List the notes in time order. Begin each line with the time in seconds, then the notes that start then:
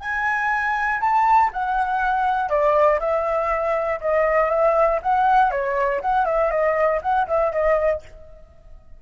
0.00 G#5
1.00 A5
1.52 F#5
2.49 D5
3.00 E5
4.00 D#5
4.50 E5
5.02 F#5
5.51 C#5
6.01 F#5
6.25 E5
6.50 D#5
7.02 F#5
7.27 E5
7.52 D#5